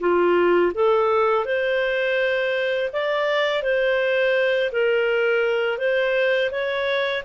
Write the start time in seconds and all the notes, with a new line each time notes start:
0.00 F4
0.75 A4
1.45 C5
2.93 D5
3.63 C5
4.72 A#4
5.78 C5
6.51 C#5